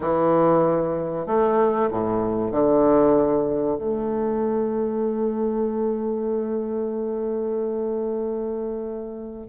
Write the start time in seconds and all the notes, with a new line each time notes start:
0.00 E3
1.26 A3
1.91 A2
2.51 D3
3.78 A3